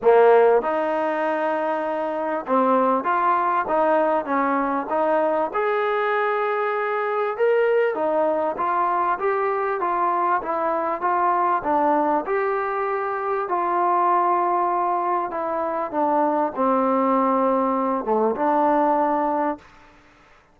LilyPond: \new Staff \with { instrumentName = "trombone" } { \time 4/4 \tempo 4 = 98 ais4 dis'2. | c'4 f'4 dis'4 cis'4 | dis'4 gis'2. | ais'4 dis'4 f'4 g'4 |
f'4 e'4 f'4 d'4 | g'2 f'2~ | f'4 e'4 d'4 c'4~ | c'4. a8 d'2 | }